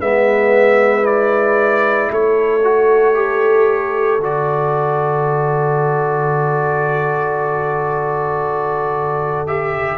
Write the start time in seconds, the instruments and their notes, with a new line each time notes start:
0.00 tuba G#3, trombone B3, horn B4, trumpet E5
1.03 trombone E4, trumpet D5
2.12 tuba A3, horn A4, trumpet C#5
2.64 trombone F#4
3.15 trombone G4
4.18 tuba D3, trombone F#4, trumpet D5
9.47 trombone G4, trumpet E5